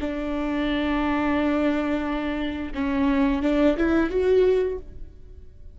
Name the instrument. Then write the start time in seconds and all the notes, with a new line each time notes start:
viola
0.00 D4
2.74 C#4
3.42 D4
3.77 E4
4.10 F#4